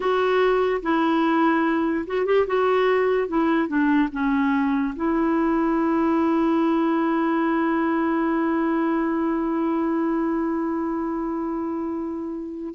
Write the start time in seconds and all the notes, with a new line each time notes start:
0.00 F#4
0.82 E4
2.06 F#4
2.25 G4
2.47 F#4
3.28 E4
3.68 D4
4.12 C#4
4.95 E4